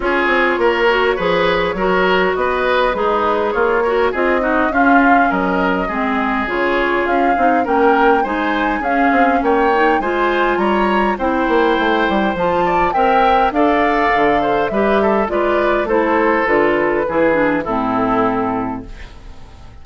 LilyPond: <<
  \new Staff \with { instrumentName = "flute" } { \time 4/4 \tempo 4 = 102 cis''1 | dis''4 b'4 cis''4 dis''4 | f''4 dis''2 cis''4 | f''4 g''4 gis''4 f''4 |
g''4 gis''4 ais''4 g''4~ | g''4 a''4 g''4 f''4~ | f''4 e''4 d''4 c''4 | b'2 a'2 | }
  \new Staff \with { instrumentName = "oboe" } { \time 4/4 gis'4 ais'4 b'4 ais'4 | b'4 dis'4 f'8 ais'8 gis'8 fis'8 | f'4 ais'4 gis'2~ | gis'4 ais'4 c''4 gis'4 |
cis''4 c''4 cis''4 c''4~ | c''4. d''8 e''4 d''4~ | d''8 c''8 b'8 a'8 b'4 a'4~ | a'4 gis'4 e'2 | }
  \new Staff \with { instrumentName = "clarinet" } { \time 4/4 f'4. fis'8 gis'4 fis'4~ | fis'4 gis'4. fis'8 f'8 dis'8 | cis'2 c'4 f'4~ | f'8 dis'8 cis'4 dis'4 cis'4~ |
cis'8 dis'8 f'2 e'4~ | e'4 f'4 ais'4 a'4~ | a'4 g'4 f'4 e'4 | f'4 e'8 d'8 c'2 | }
  \new Staff \with { instrumentName = "bassoon" } { \time 4/4 cis'8 c'8 ais4 f4 fis4 | b4 gis4 ais4 c'4 | cis'4 fis4 gis4 cis4 | cis'8 c'8 ais4 gis4 cis'8 c'8 |
ais4 gis4 g4 c'8 ais8 | a8 g8 f4 c'4 d'4 | d4 g4 gis4 a4 | d4 e4 a,2 | }
>>